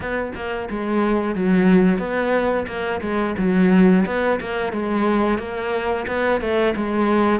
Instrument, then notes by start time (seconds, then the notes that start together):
cello
0.00 B3
0.35 A#3
0.70 G#3
1.35 F#3
1.98 B3
2.67 A#3
3.01 G#3
3.37 F#3
4.05 B3
4.40 A#3
4.72 G#3
5.38 A#3
6.07 B3
6.40 A3
6.76 G#3